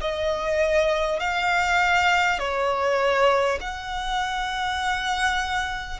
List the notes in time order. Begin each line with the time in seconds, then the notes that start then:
0.00 D#5
1.19 F5
2.38 C#5
3.60 F#5